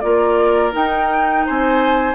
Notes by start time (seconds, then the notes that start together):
0.00 A#3 F4 A#4 D5
0.72 D#4 G5
1.46 C4 C5 G#5